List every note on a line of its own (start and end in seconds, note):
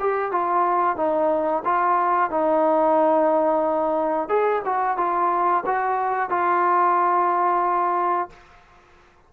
0.00 0.32 G4
0.32 0.97 F4
0.97 1.64 D#4
1.65 2.31 F4
2.31 4.29 D#4
4.29 4.62 G#4
4.65 4.98 F#4
4.98 5.64 F4
5.66 6.30 F#4
6.30 8.30 F4